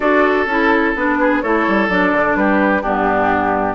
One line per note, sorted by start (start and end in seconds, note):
0.00 0.46 D4
0.00 0.47 F#4
0.00 1.18 A4
0.00 0.45 D5
0.46 0.93 C#4
0.46 0.96 E4
0.46 0.94 A4
0.96 1.43 B3
0.96 1.43 D4
0.96 1.41 B4
1.19 1.42 G#4
1.41 1.66 A3
1.41 1.89 E4
1.41 2.37 A4
1.41 1.88 C#5
1.67 1.88 G3
1.88 2.12 F#3
1.88 2.83 D4
1.88 2.36 D5
2.12 2.35 D3
2.35 2.82 G3
2.35 2.82 G4
2.35 2.82 B4
2.82 3.75 G2
2.82 3.75 B3
2.82 3.75 D4
2.82 3.75 G4